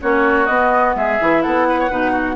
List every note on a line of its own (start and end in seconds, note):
0.00 0.48 A#3
0.00 0.47 C#4
0.00 0.96 F#4
0.00 0.46 C#5
0.46 0.95 B3
0.46 1.19 B3
0.46 0.93 D#5
0.95 1.18 G#3
0.95 1.43 G#4
0.95 1.42 E5
1.19 1.45 E3
1.19 1.89 E4
1.42 1.90 B3
1.42 1.66 A4
1.42 2.36 F#5
1.69 1.79 B4
1.79 1.90 C#5
1.89 2.36 B2
1.89 2.36 D#4
1.89 2.11 B4
2.11 2.34 F#4